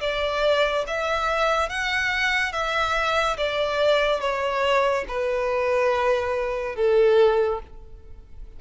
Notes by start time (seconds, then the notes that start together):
0.00 D5
0.86 E5
1.69 F#5
2.52 E5
3.36 D5
4.20 C#5
5.08 B4
6.75 A4